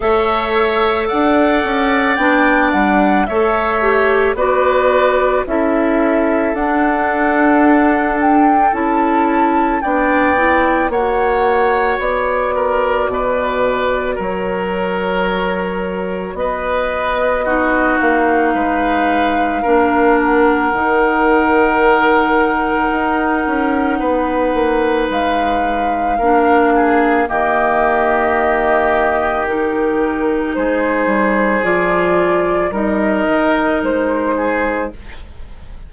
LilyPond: <<
  \new Staff \with { instrumentName = "flute" } { \time 4/4 \tempo 4 = 55 e''4 fis''4 g''8 fis''8 e''4 | d''4 e''4 fis''4. g''8 | a''4 g''4 fis''4 d''4~ | d''4 cis''2 dis''4~ |
dis''8 f''2 fis''4.~ | fis''2. f''4~ | f''4 dis''2 ais'4 | c''4 d''4 dis''4 c''4 | }
  \new Staff \with { instrumentName = "oboe" } { \time 4/4 cis''4 d''2 cis''4 | b'4 a'2.~ | a'4 d''4 cis''4. ais'8 | b'4 ais'2 b'4 |
fis'4 b'4 ais'2~ | ais'2 b'2 | ais'8 gis'8 g'2. | gis'2 ais'4. gis'8 | }
  \new Staff \with { instrumentName = "clarinet" } { \time 4/4 a'2 d'4 a'8 g'8 | fis'4 e'4 d'2 | e'4 d'8 e'8 fis'2~ | fis'1 |
dis'2 d'4 dis'4~ | dis'1 | d'4 ais2 dis'4~ | dis'4 f'4 dis'2 | }
  \new Staff \with { instrumentName = "bassoon" } { \time 4/4 a4 d'8 cis'8 b8 g8 a4 | b4 cis'4 d'2 | cis'4 b4 ais4 b4 | b,4 fis2 b4~ |
b8 ais8 gis4 ais4 dis4~ | dis4 dis'8 cis'8 b8 ais8 gis4 | ais4 dis2. | gis8 g8 f4 g8 dis8 gis4 | }
>>